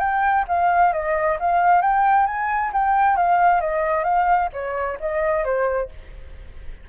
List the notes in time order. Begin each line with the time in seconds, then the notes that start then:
0.00 G5
0.48 F5
0.93 D#5
1.40 F5
1.82 G5
2.27 G#5
2.73 G5
3.17 F5
3.61 D#5
4.04 F5
4.53 C#5
5.00 D#5
5.44 C5